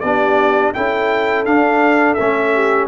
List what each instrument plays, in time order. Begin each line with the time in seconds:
0.00 tuba B3, trombone D4, horn G4, trumpet D5
0.73 tuba C#4, trombone E4, horn A4, trumpet G5
1.45 trombone D4, tuba D4, trumpet F5
2.14 tuba A3, trombone C#4, trumpet E5
2.53 horn G4